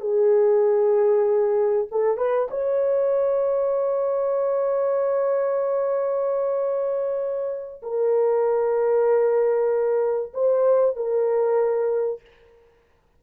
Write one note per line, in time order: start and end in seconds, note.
0.00 1.88 G#4
1.91 2.17 A4
2.17 2.48 B4
2.50 7.82 C#5
7.82 10.32 A#4
10.34 10.96 C5
10.96 12.21 A#4